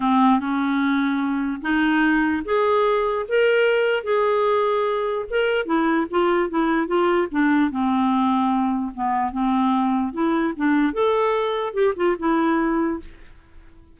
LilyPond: \new Staff \with { instrumentName = "clarinet" } { \time 4/4 \tempo 4 = 148 c'4 cis'2. | dis'2 gis'2 | ais'2 gis'2~ | gis'4 ais'4 e'4 f'4 |
e'4 f'4 d'4 c'4~ | c'2 b4 c'4~ | c'4 e'4 d'4 a'4~ | a'4 g'8 f'8 e'2 | }